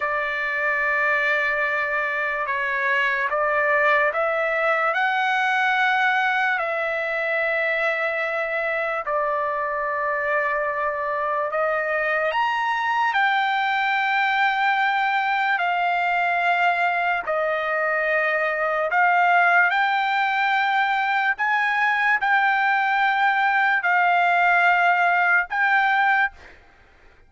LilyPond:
\new Staff \with { instrumentName = "trumpet" } { \time 4/4 \tempo 4 = 73 d''2. cis''4 | d''4 e''4 fis''2 | e''2. d''4~ | d''2 dis''4 ais''4 |
g''2. f''4~ | f''4 dis''2 f''4 | g''2 gis''4 g''4~ | g''4 f''2 g''4 | }